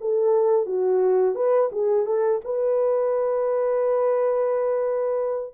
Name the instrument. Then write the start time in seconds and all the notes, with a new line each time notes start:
horn
0.00 A4
0.66 F#4
1.35 B4
1.72 G#4
2.05 A4
2.44 B4